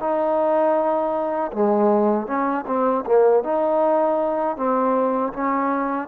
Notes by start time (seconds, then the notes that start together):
0.00 D#4
1.53 G#3
2.27 C#4
2.67 C4
3.06 A#3
3.44 D#4
4.57 C4
5.33 C#4